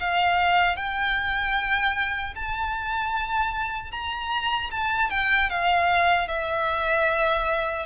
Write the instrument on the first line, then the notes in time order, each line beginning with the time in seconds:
violin
0.00 F5
0.76 G5
2.35 A5
3.92 A#5
4.71 A5
5.10 G5
5.50 F5
6.28 E5